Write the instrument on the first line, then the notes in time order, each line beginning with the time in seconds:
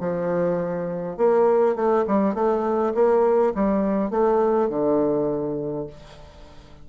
bassoon
0.00 F3
1.17 A#3
1.75 A3
2.07 G3
2.34 A3
2.94 A#3
3.55 G3
4.11 A3
4.69 D3